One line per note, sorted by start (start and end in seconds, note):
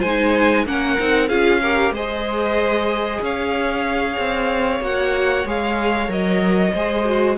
0.00 0.66 G#3
0.00 0.66 D#4
0.00 0.64 C5
0.00 0.65 G#5
0.66 0.98 A#3
0.66 0.98 C#4
0.66 1.29 A#4
0.66 1.28 F#5
0.99 1.30 C4
0.99 1.30 D#4
1.28 1.91 C#4
1.28 1.62 F4
1.28 1.61 G#4
1.28 1.92 F5
1.62 1.95 G4
1.62 1.93 A#4
1.91 3.18 G#3
1.91 4.81 G#4
1.91 3.21 C5
1.91 3.24 D#5
3.21 4.17 C#4
3.21 6.74 C#5
3.21 4.84 F5
4.18 4.81 C4
4.81 5.44 A#3
4.81 5.45 F#4
4.81 5.47 F#5
5.46 6.08 G#3
5.46 6.08 G#4
5.46 6.12 F5
6.08 6.72 F#3
6.08 6.72 A#4
6.08 7.38 D#5
6.74 7.38 G#3
6.74 7.05 G#4
6.74 7.37 C5
7.05 7.37 F#4